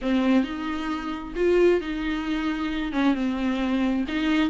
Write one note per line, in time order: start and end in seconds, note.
0.01 0.43 C4
0.43 1.33 D#4
1.35 1.80 F4
1.80 2.92 D#4
2.92 3.14 C#4
3.14 4.04 C4
4.08 4.50 D#4